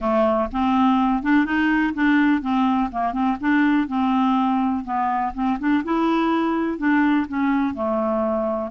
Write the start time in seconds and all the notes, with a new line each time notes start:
0.00 A3
0.51 C4
1.23 D4
1.45 D#4
1.94 D4
2.41 C4
2.91 A#3
3.12 C4
3.40 D4
3.87 C4
4.84 B3
5.34 C4
5.59 D4
5.84 E4
6.78 D4
7.27 C#4
7.74 A3